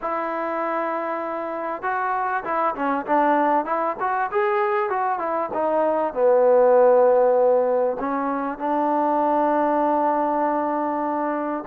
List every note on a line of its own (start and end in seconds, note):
0.01 1.82 E4
1.82 2.43 F#4
2.44 2.74 E4
2.75 3.05 C#4
3.06 3.65 D4
3.65 3.95 E4
3.99 4.30 F#4
4.31 4.89 G#4
4.89 5.18 F#4
5.18 5.49 E4
5.53 6.13 D#4
6.13 7.97 B3
7.99 8.58 C#4
8.58 11.64 D4